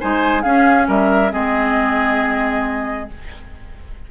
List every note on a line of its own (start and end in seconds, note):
0.00 0.45 G#3
0.00 0.44 D#4
0.00 0.43 C5
0.00 0.42 G#5
0.42 1.31 C#4
0.42 0.88 C#4
0.42 0.88 G#4
0.42 0.87 F5
0.88 1.33 G3
0.88 1.32 A#4
0.88 1.33 E5
1.31 3.12 G#3
1.31 3.09 C4
1.31 3.10 G#4
1.31 3.10 D#5